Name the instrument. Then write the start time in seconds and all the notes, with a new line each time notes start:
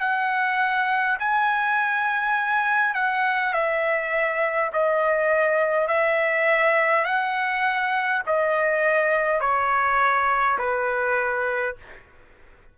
trumpet
0.00 F#5
1.19 G#5
2.95 F#5
3.53 E5
4.73 D#5
5.88 E5
7.05 F#5
8.26 D#5
9.40 C#5
10.58 B4